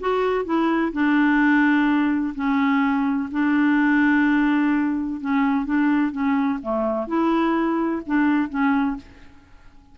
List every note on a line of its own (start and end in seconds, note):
0.00 0.45 F#4
0.45 0.92 E4
0.92 2.34 D4
2.35 3.29 C#4
3.31 5.20 D4
5.20 5.65 C#4
5.65 6.11 D4
6.11 6.59 C#4
6.62 7.07 A3
7.07 8.02 E4
8.06 8.49 D4
8.49 8.96 C#4